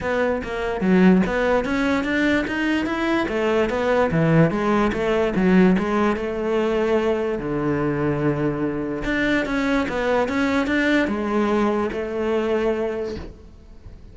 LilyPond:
\new Staff \with { instrumentName = "cello" } { \time 4/4 \tempo 4 = 146 b4 ais4 fis4 b4 | cis'4 d'4 dis'4 e'4 | a4 b4 e4 gis4 | a4 fis4 gis4 a4~ |
a2 d2~ | d2 d'4 cis'4 | b4 cis'4 d'4 gis4~ | gis4 a2. | }